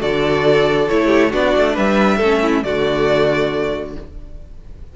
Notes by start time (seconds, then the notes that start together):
0.00 D3 F#4 A4 D5
0.88 A3 E4 C#5
1.06 G4
1.30 B3 D4 F#4 D5
1.56 A3
1.74 G3 B4 E5
2.17 A3 C#4 A4
2.42 E4
2.63 D3 A3 F#4 D5